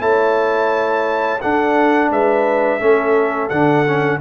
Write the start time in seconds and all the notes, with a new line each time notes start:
0.00 A3 E4 C#5 A5
1.41 D4 A4 F#5
2.10 G#3 B4 E5
2.80 A3 C#4 A4
3.49 D3 D4 F#5
3.87 C#4